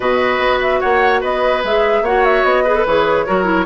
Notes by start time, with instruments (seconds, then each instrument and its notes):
0.00 bassoon B2, clarinet F#4, oboe B4, flute D#5
0.39 bassoon B3
0.61 flute E5
0.80 bassoon A#3, oboe C#5, flute F#5
1.21 bassoon B3, oboe B4, flute D#5
1.63 bassoon G#3, clarinet G#4, flute E5
2.01 bassoon A#3, clarinet F#4, oboe C#5, flute F#5
2.25 flute E5
2.43 bassoon B3, flute D#5
2.64 clarinet G#4, oboe B4
2.75 clarinet A4
2.85 bassoon E3, clarinet G#4, flute C#5
3.26 bassoon F#3, clarinet F#4, oboe A#4
3.44 clarinet E4